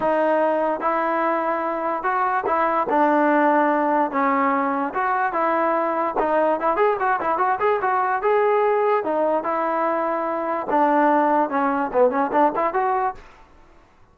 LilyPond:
\new Staff \with { instrumentName = "trombone" } { \time 4/4 \tempo 4 = 146 dis'2 e'2~ | e'4 fis'4 e'4 d'4~ | d'2 cis'2 | fis'4 e'2 dis'4 |
e'8 gis'8 fis'8 e'8 fis'8 gis'8 fis'4 | gis'2 dis'4 e'4~ | e'2 d'2 | cis'4 b8 cis'8 d'8 e'8 fis'4 | }